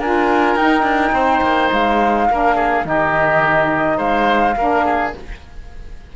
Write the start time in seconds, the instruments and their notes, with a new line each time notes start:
0.00 cello D4, saxophone F4, oboe A#4, flute G#5
0.56 cello D#4, saxophone D#4, flute G5
0.83 cello D4
1.12 cello C4, oboe C5
1.42 cello A#3
1.73 cello G#3, flute F5
2.30 cello A#3, saxophone D4, oboe A#4
2.56 oboe G#4
2.84 cello D#3, saxophone D#4, oboe G4, flute D#5
3.98 cello G#3, oboe C5, flute F5
4.57 cello A#3, saxophone D4, oboe A#4
4.86 oboe G#4